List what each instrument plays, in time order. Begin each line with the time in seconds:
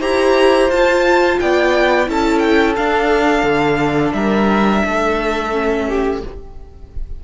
0.00 cello E4, viola G4, violin C5 A#5
0.70 cello F4, viola F4, violin A5
1.40 cello B3, violin D5 G5
2.07 cello C#4, viola E4, violin A4 A5
2.39 violin G5
2.76 viola D4, cello D4, violin F5
3.44 cello D3
4.13 cello G3, violin A#4 E5
4.84 cello A3, violin A4
5.52 viola C#4
5.90 violin G4